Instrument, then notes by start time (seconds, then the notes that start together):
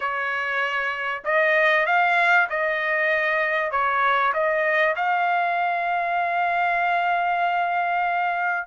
trumpet
0.00 C#5
1.24 D#5
1.86 F5
2.49 D#5
3.71 C#5
4.33 D#5
4.95 F5